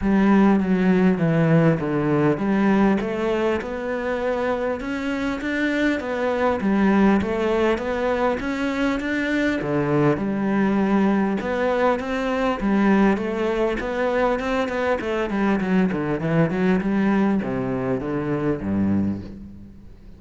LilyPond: \new Staff \with { instrumentName = "cello" } { \time 4/4 \tempo 4 = 100 g4 fis4 e4 d4 | g4 a4 b2 | cis'4 d'4 b4 g4 | a4 b4 cis'4 d'4 |
d4 g2 b4 | c'4 g4 a4 b4 | c'8 b8 a8 g8 fis8 d8 e8 fis8 | g4 c4 d4 g,4 | }